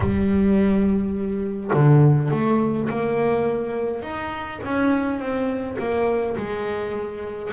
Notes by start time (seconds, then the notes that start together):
0.00 G3
1.73 D3
2.31 A3
2.89 A#3
4.02 D#4
4.63 C#4
5.19 C4
5.78 A#3
6.36 G#3